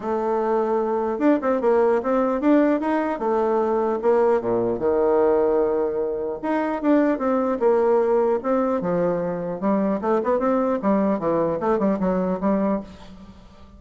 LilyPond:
\new Staff \with { instrumentName = "bassoon" } { \time 4/4 \tempo 4 = 150 a2. d'8 c'8 | ais4 c'4 d'4 dis'4 | a2 ais4 ais,4 | dis1 |
dis'4 d'4 c'4 ais4~ | ais4 c'4 f2 | g4 a8 b8 c'4 g4 | e4 a8 g8 fis4 g4 | }